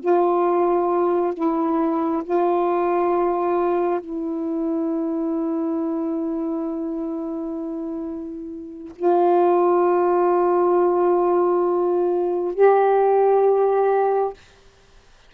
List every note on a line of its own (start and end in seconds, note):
0.00 1.34 F4
1.34 2.23 E4
2.24 4.01 F4
4.01 8.93 E4
8.96 12.54 F4
12.54 14.33 G4